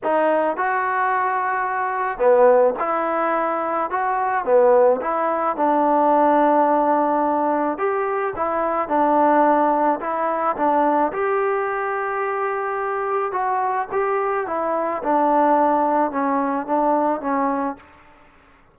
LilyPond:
\new Staff \with { instrumentName = "trombone" } { \time 4/4 \tempo 4 = 108 dis'4 fis'2. | b4 e'2 fis'4 | b4 e'4 d'2~ | d'2 g'4 e'4 |
d'2 e'4 d'4 | g'1 | fis'4 g'4 e'4 d'4~ | d'4 cis'4 d'4 cis'4 | }